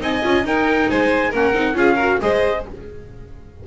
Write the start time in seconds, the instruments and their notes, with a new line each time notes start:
0.00 double bass C4, viola D#4, violin D#5, trumpet G#5
0.23 double bass C#4, viola F4
0.43 double bass D#4, viola D#4, violin A#4, trumpet G5
0.90 double bass G#3, violin C5, trumpet G#5
1.30 double bass A#3, viola C#4, violin A#4, trumpet F#5
1.53 double bass C4, viola D#4
1.74 double bass C#4, viola F4, violin G#4, trumpet F5
1.95 viola F#4, violin A#4
2.21 double bass G#3, viola G#4, violin C5, trumpet D#5